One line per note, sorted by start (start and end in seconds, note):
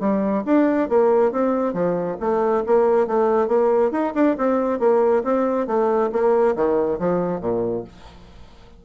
0.00 0.43 G3
0.46 0.89 D4
0.89 1.32 A#3
1.32 1.74 C4
1.74 2.17 F3
2.21 2.64 A3
2.66 3.07 A#3
3.07 3.48 A3
3.48 3.92 A#3
3.92 4.13 D#4
4.15 4.37 D4
4.38 4.80 C4
4.80 5.23 A#3
5.24 5.67 C4
5.67 6.11 A3
6.12 6.56 A#3
6.56 6.99 D#3
6.99 7.41 F3
7.41 7.85 A#2